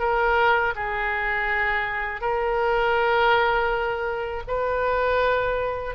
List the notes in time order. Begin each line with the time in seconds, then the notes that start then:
0.00 A#4
0.76 G#4
2.21 A#4
4.47 B4